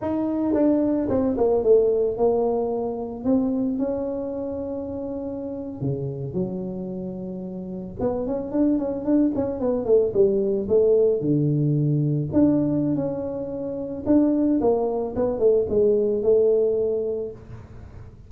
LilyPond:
\new Staff \with { instrumentName = "tuba" } { \time 4/4 \tempo 4 = 111 dis'4 d'4 c'8 ais8 a4 | ais2 c'4 cis'4~ | cis'2~ cis'8. cis4 fis16~ | fis2~ fis8. b8 cis'8 d'16~ |
d'16 cis'8 d'8 cis'8 b8 a8 g4 a16~ | a8. d2 d'4~ d'16 | cis'2 d'4 ais4 | b8 a8 gis4 a2 | }